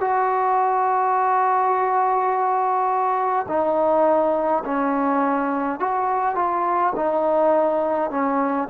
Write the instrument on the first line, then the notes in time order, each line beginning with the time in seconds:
trombone
0.00 F#4
3.48 D#4
4.64 C#4
5.79 F#4
6.35 F4
6.95 D#4
8.10 C#4